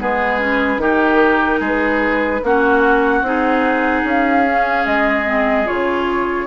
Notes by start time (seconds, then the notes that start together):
0.00 G#3 B3 G#4 B4
0.40 C#4
0.78 D#3 D#4 G4 A#4
1.60 G#3 G#4
1.67 B4
2.43 A#3 C#4 F#4 F#5
3.22 C4 D#4 G#4
4.04 C#4 F5
4.47 C#4
4.87 G#3 D#5
5.26 C4
5.66 C#3 F4 C#5